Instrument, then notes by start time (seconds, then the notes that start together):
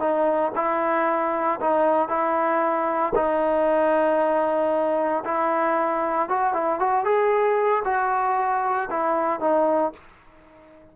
trombone
0.00 D#4
0.56 E4
1.61 D#4
2.09 E4
3.15 D#4
5.25 E4
6.29 F#4
6.54 E4
6.80 F#4
7.05 G#4
7.85 F#4
8.90 E4
9.41 D#4